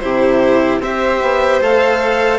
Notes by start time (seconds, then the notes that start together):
0.00 C3 E4 G4 C5
0.80 C4 G4 C5 E5
1.23 B3
1.61 A3 A4 F5